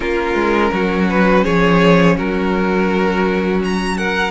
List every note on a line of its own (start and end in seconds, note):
0.00 0.34 A#3
0.00 4.30 C#4
0.00 0.71 F4
0.00 1.09 A#4
0.34 0.70 G#3
0.72 1.44 F#3
0.72 1.43 F#4
1.09 1.44 B4
1.43 2.18 F3
1.43 2.15 G#4
1.43 2.16 C#5
2.16 4.31 F#3
2.16 3.96 F#4
2.16 3.62 A#4
3.64 3.97 A#5
3.97 4.31 A#4
3.97 4.31 F#5